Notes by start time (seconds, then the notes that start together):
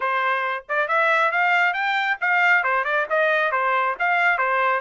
0.00 C5
0.68 D5
0.88 E5
1.31 F5
1.73 G5
2.20 F5
2.63 C5
2.84 D5
3.09 D#5
3.51 C5
3.99 F5
4.37 C5